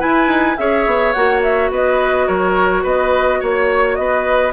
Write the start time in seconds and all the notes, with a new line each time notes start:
0.00 E4 B4 G#5
0.28 D#4
0.57 C#4 G#4 C#5 E5
0.86 B3
1.13 A#3 F#4 F#5
1.43 E5
1.71 B3 B4 D#5
2.27 F#3 A#4 C#5
2.83 B3 B4 D#5
3.40 A#3 C#5
3.95 B3 B4 D#5